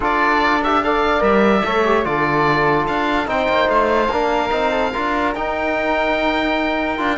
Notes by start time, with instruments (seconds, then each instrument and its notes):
0.00 cello D4, trombone F4, flute A4, oboe D5
0.63 trombone G4, oboe E5
0.83 trombone A4, flute D5, oboe F5
1.20 cello G3, trombone A#4, oboe E5
1.64 cello A3, trombone A4, flute C#5
1.85 trombone G4
2.04 cello D3, trombone F4, flute A4, oboe D5
2.86 cello D4, oboe F5
3.25 cello C4, trombone D#4, flute C5, oboe G5
3.48 cello A#3
3.68 cello A3, oboe F5
4.08 cello A#3, trombone D4, flute A#4
4.50 cello C4, trombone D#4
4.70 flute A4
4.91 cello D4, trombone F4, flute A#4
5.35 cello D#4, trombone D#4, oboe G5
6.97 cello D4, trombone F4